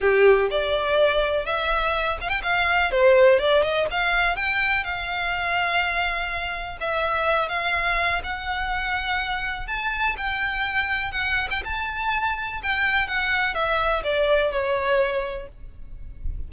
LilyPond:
\new Staff \with { instrumentName = "violin" } { \time 4/4 \tempo 4 = 124 g'4 d''2 e''4~ | e''8 f''16 g''16 f''4 c''4 d''8 dis''8 | f''4 g''4 f''2~ | f''2 e''4. f''8~ |
f''4 fis''2. | a''4 g''2 fis''8. g''16 | a''2 g''4 fis''4 | e''4 d''4 cis''2 | }